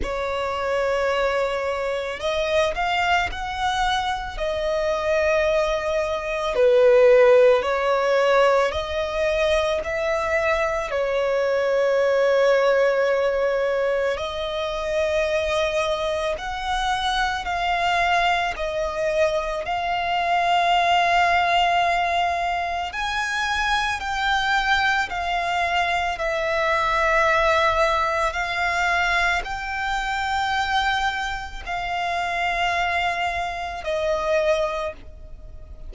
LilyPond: \new Staff \with { instrumentName = "violin" } { \time 4/4 \tempo 4 = 55 cis''2 dis''8 f''8 fis''4 | dis''2 b'4 cis''4 | dis''4 e''4 cis''2~ | cis''4 dis''2 fis''4 |
f''4 dis''4 f''2~ | f''4 gis''4 g''4 f''4 | e''2 f''4 g''4~ | g''4 f''2 dis''4 | }